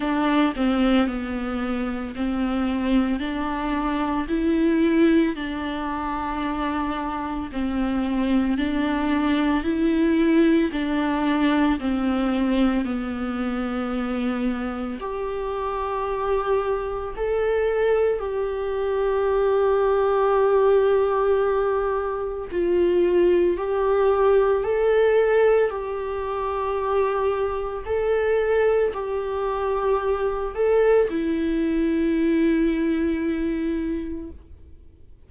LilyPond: \new Staff \with { instrumentName = "viola" } { \time 4/4 \tempo 4 = 56 d'8 c'8 b4 c'4 d'4 | e'4 d'2 c'4 | d'4 e'4 d'4 c'4 | b2 g'2 |
a'4 g'2.~ | g'4 f'4 g'4 a'4 | g'2 a'4 g'4~ | g'8 a'8 e'2. | }